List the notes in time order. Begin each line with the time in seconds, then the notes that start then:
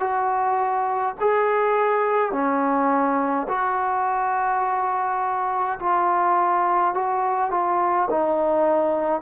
0.00 F#4
1.21 G#4
2.32 C#4
3.48 F#4
5.80 F4
6.94 F#4
7.51 F4
8.10 D#4